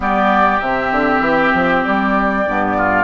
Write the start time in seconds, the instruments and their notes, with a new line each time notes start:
0.00 bassoon G3, clarinet B3, oboe G4, flute D5
0.59 bassoon C3, clarinet C4, flute E5
0.91 bassoon D3
1.20 bassoon E3
1.54 bassoon F3
1.84 bassoon G3, flute D5
2.46 bassoon G2, clarinet B3
2.77 oboe F4